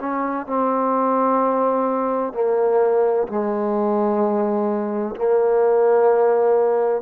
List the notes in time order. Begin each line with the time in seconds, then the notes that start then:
0.00 C#4
0.47 C4
2.34 A#3
3.28 G#3
5.16 A#3